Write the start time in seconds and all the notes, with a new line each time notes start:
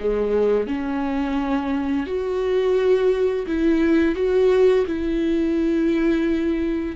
0.00 G#3
0.67 C#4
2.06 F#4
3.47 E4
4.15 F#4
4.86 E4